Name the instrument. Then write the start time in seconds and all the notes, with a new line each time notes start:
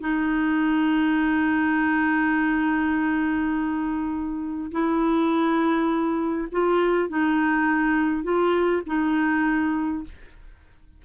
clarinet
0.00 D#4
4.71 E4
6.51 F4
7.09 D#4
8.23 F4
8.86 D#4